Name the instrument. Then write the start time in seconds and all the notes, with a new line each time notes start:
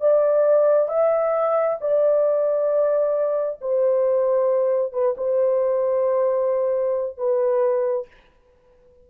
horn
0.00 D5
0.88 E5
1.81 D5
3.61 C5
4.93 B4
5.17 C5
7.18 B4